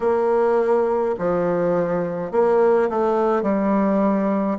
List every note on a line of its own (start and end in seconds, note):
0.00 1.15 A#3
1.18 2.31 F3
2.31 2.88 A#3
2.89 3.42 A3
3.42 4.57 G3